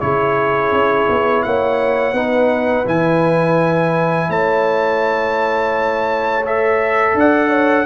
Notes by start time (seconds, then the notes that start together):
0.00 C#3 E4 G#4 C#5
0.72 C#4
1.09 B3
1.42 A#3 C#5 F#5
2.13 B3 D#4 B4
2.85 E3 E4 G#5
4.28 A3 C#5 A5
6.45 A4 E5
7.14 D4 D5 F#5
7.49 C#5